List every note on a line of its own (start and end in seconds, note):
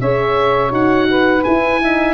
0.00 0.72 C#4
0.00 0.69 G#4
0.00 1.07 C#5
0.00 0.72 E5
0.69 1.43 D#4
0.69 1.41 F#4
0.69 1.44 F#5
1.10 1.81 B4
1.44 1.82 E4
1.44 2.14 E4
1.44 2.14 G#5
1.82 2.14 D#4
1.82 2.14 E5